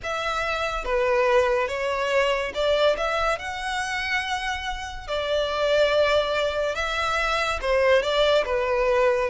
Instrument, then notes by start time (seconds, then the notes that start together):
violin
0.03 E5
0.85 B4
1.67 C#5
2.54 D5
2.97 E5
3.38 F#5
5.07 D5
6.75 E5
7.61 C5
8.02 D5
8.45 B4